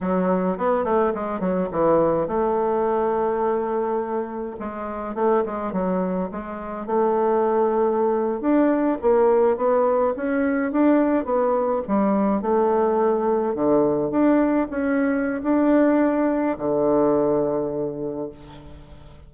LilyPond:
\new Staff \with { instrumentName = "bassoon" } { \time 4/4 \tempo 4 = 105 fis4 b8 a8 gis8 fis8 e4 | a1 | gis4 a8 gis8 fis4 gis4 | a2~ a8. d'4 ais16~ |
ais8. b4 cis'4 d'4 b16~ | b8. g4 a2 d16~ | d8. d'4 cis'4~ cis'16 d'4~ | d'4 d2. | }